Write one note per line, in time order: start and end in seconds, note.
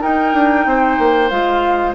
0.00 1.29 D#4
0.00 0.34 D#4
0.00 0.65 A#4
0.00 1.30 G5
0.34 0.66 D4
0.66 0.98 C4
0.66 1.95 C5
0.99 1.31 A#3
1.30 1.95 G#3
1.30 1.95 F4
1.30 1.94 F5